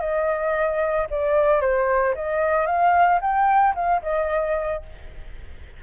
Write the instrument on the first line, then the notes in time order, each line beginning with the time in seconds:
flute
0.00 D#5
1.10 D5
1.61 C5
2.15 D#5
2.66 F5
3.21 G5
3.75 F5
4.02 D#5